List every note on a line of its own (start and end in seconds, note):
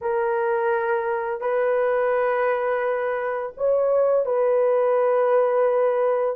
0.01 1.40 A#4
1.40 3.52 B4
3.57 4.25 C#5
4.25 6.36 B4